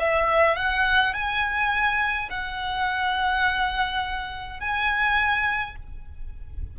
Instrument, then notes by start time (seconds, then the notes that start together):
violin
0.00 E5
0.56 F#5
1.14 G#5
2.30 F#5
4.60 G#5